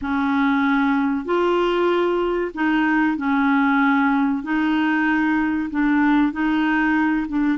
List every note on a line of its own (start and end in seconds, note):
0.01 1.25 C#4
1.25 2.51 F4
2.54 3.17 D#4
3.17 4.43 C#4
4.43 5.69 D#4
5.70 6.32 D4
6.32 7.27 D#4
7.27 7.58 D4